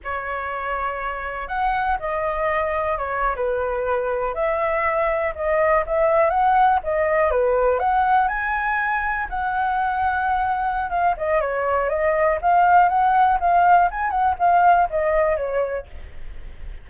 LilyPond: \new Staff \with { instrumentName = "flute" } { \time 4/4 \tempo 4 = 121 cis''2. fis''4 | dis''2 cis''8. b'4~ b'16~ | b'8. e''2 dis''4 e''16~ | e''8. fis''4 dis''4 b'4 fis''16~ |
fis''8. gis''2 fis''4~ fis''16~ | fis''2 f''8 dis''8 cis''4 | dis''4 f''4 fis''4 f''4 | gis''8 fis''8 f''4 dis''4 cis''4 | }